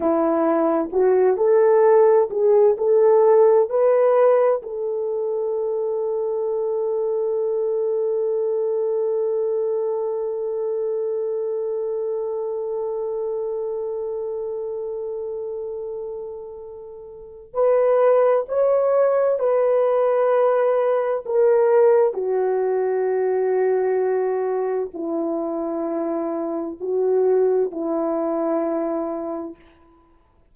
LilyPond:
\new Staff \with { instrumentName = "horn" } { \time 4/4 \tempo 4 = 65 e'4 fis'8 a'4 gis'8 a'4 | b'4 a'2.~ | a'1~ | a'1~ |
a'2. b'4 | cis''4 b'2 ais'4 | fis'2. e'4~ | e'4 fis'4 e'2 | }